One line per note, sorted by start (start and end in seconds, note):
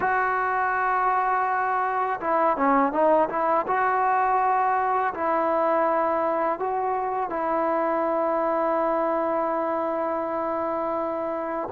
0.00 2.20 F#4
2.20 2.56 E4
2.56 2.92 C#4
2.92 3.29 D#4
3.29 3.66 E4
3.67 5.13 F#4
5.14 6.59 E4
6.59 7.29 F#4
7.29 11.68 E4